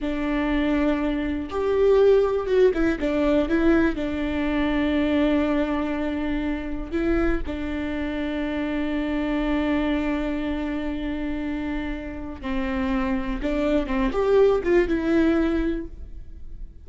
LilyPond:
\new Staff \with { instrumentName = "viola" } { \time 4/4 \tempo 4 = 121 d'2. g'4~ | g'4 fis'8 e'8 d'4 e'4 | d'1~ | d'2 e'4 d'4~ |
d'1~ | d'1~ | d'4 c'2 d'4 | c'8 g'4 f'8 e'2 | }